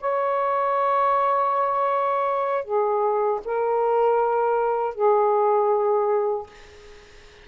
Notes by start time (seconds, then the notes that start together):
0.00 C#5
2.64 G#4
3.45 A#4
4.95 G#4